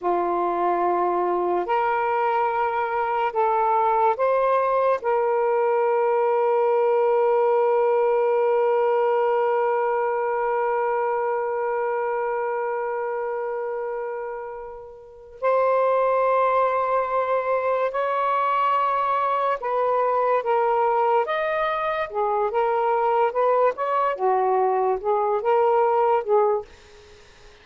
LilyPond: \new Staff \with { instrumentName = "saxophone" } { \time 4/4 \tempo 4 = 72 f'2 ais'2 | a'4 c''4 ais'2~ | ais'1~ | ais'1~ |
ais'2~ ais'8 c''4.~ | c''4. cis''2 b'8~ | b'8 ais'4 dis''4 gis'8 ais'4 | b'8 cis''8 fis'4 gis'8 ais'4 gis'8 | }